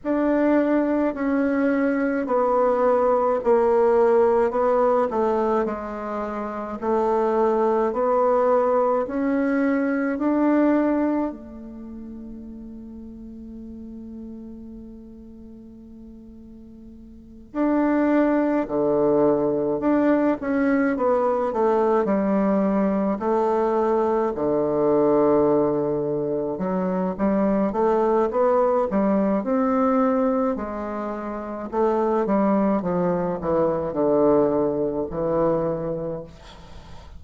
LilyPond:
\new Staff \with { instrumentName = "bassoon" } { \time 4/4 \tempo 4 = 53 d'4 cis'4 b4 ais4 | b8 a8 gis4 a4 b4 | cis'4 d'4 a2~ | a2.~ a8 d'8~ |
d'8 d4 d'8 cis'8 b8 a8 g8~ | g8 a4 d2 fis8 | g8 a8 b8 g8 c'4 gis4 | a8 g8 f8 e8 d4 e4 | }